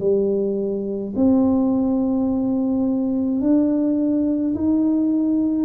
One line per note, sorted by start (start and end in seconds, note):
0.00 1.13 G3
1.15 3.41 C4
3.41 4.54 D4
4.54 5.65 D#4